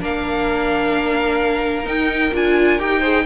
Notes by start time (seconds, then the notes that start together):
0.00 A#3 D4 A#4 F5
1.84 D#4 G5
2.33 D4 F4 G#5
2.79 D#4 G4 G5
3.00 G#4 C5